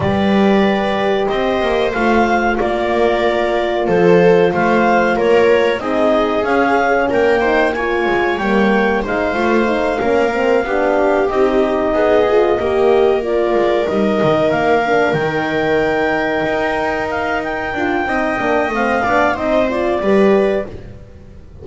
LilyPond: <<
  \new Staff \with { instrumentName = "clarinet" } { \time 4/4 \tempo 4 = 93 d''2 dis''4 f''4 | d''2 c''4 f''4 | cis''4 dis''4 f''4 g''4 | gis''4 g''4 f''2~ |
f''4. dis''2~ dis''8~ | dis''8 d''4 dis''4 f''4 g''8~ | g''2~ g''8 f''8 g''4~ | g''4 f''4 dis''8 d''4. | }
  \new Staff \with { instrumentName = "viola" } { \time 4/4 b'2 c''2 | ais'2 a'4 c''4 | ais'4 gis'2 ais'8 c''8 | cis''2 c''4. ais'8~ |
ais'8 g'2 gis'4 ais'8~ | ais'1~ | ais'1 | dis''4. d''8 c''4 b'4 | }
  \new Staff \with { instrumentName = "horn" } { \time 4/4 g'2. f'4~ | f'1~ | f'4 dis'4 cis'4. dis'8 | f'4 ais4 dis'8 f'8 dis'8 cis'8 |
c'8 d'4 dis'4. f'8 g'8~ | g'8 f'4 dis'4. d'8 dis'8~ | dis'2.~ dis'8 f'8 | dis'8 d'8 c'8 d'8 dis'8 f'8 g'4 | }
  \new Staff \with { instrumentName = "double bass" } { \time 4/4 g2 c'8 ais8 a4 | ais2 f4 a4 | ais4 c'4 cis'4 ais4~ | ais8 gis8 g4 gis8 a4 ais8~ |
ais8 b4 c'4 b4 ais8~ | ais4 gis8 g8 dis8 ais4 dis8~ | dis4. dis'2 d'8 | c'8 ais8 a8 b8 c'4 g4 | }
>>